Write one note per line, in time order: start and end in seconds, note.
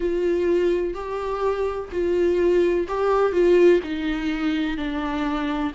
0.00 0.94 F4
0.94 1.89 G4
1.91 2.87 F4
2.87 3.32 G4
3.32 3.80 F4
3.84 4.77 D#4
4.77 5.72 D4